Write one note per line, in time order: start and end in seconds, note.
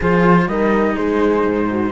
0.00 0.47 F3
0.00 0.49 F4
0.00 0.46 G#4
0.00 0.47 C5
0.47 0.96 G3
0.47 1.92 D#4
0.47 0.95 A#4
0.47 0.96 D#5
0.95 1.46 G#3
0.95 1.68 G#4
0.95 1.92 C5
1.46 1.92 G#2
1.71 1.92 F#4